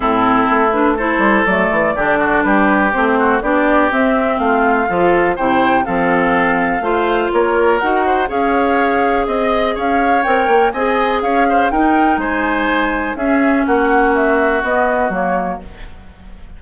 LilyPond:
<<
  \new Staff \with { instrumentName = "flute" } { \time 4/4 \tempo 4 = 123 a'4. b'8 c''4 d''4~ | d''4 b'4 c''4 d''4 | e''4 f''2 g''4 | f''2. cis''4 |
fis''4 f''2 dis''4 | f''4 g''4 gis''4 f''4 | g''4 gis''2 e''4 | fis''4 e''4 dis''4 cis''4 | }
  \new Staff \with { instrumentName = "oboe" } { \time 4/4 e'2 a'2 | g'8 fis'8 g'4. fis'8 g'4~ | g'4 f'4 a'4 c''4 | a'2 c''4 ais'4~ |
ais'8 c''8 cis''2 dis''4 | cis''2 dis''4 cis''8 c''8 | ais'4 c''2 gis'4 | fis'1 | }
  \new Staff \with { instrumentName = "clarinet" } { \time 4/4 c'4. d'8 e'4 a4 | d'2 c'4 d'4 | c'2 f'4 e'4 | c'2 f'2 |
fis'4 gis'2.~ | gis'4 ais'4 gis'2 | dis'2. cis'4~ | cis'2 b4 ais4 | }
  \new Staff \with { instrumentName = "bassoon" } { \time 4/4 a,4 a4. g8 fis8 e8 | d4 g4 a4 b4 | c'4 a4 f4 c4 | f2 a4 ais4 |
dis'4 cis'2 c'4 | cis'4 c'8 ais8 c'4 cis'4 | dis'4 gis2 cis'4 | ais2 b4 fis4 | }
>>